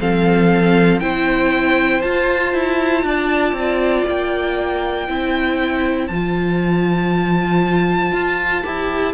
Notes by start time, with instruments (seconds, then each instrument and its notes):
0.00 cello F3, viola C4, violin A4 F5
1.00 cello C4, viola E4, violin C5 G5
2.01 cello F4, viola F4, violin A5
2.54 cello E4
3.03 cello D4, violin D5
3.52 cello C4
4.08 cello A#3, violin G5
5.08 cello C4, viola E4, violin C5
6.07 cello F3, viola F4, violin A5
8.12 cello F4
8.64 cello E4, viola G4